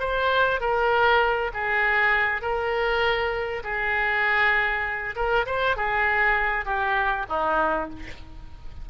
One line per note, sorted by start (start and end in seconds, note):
0.00 0.61 C5
0.61 1.52 A#4
1.54 2.42 G#4
2.42 3.63 A#4
3.64 5.15 G#4
5.15 5.46 A#4
5.46 5.77 C5
5.77 6.65 G#4
6.65 7.26 G4
7.29 7.90 D#4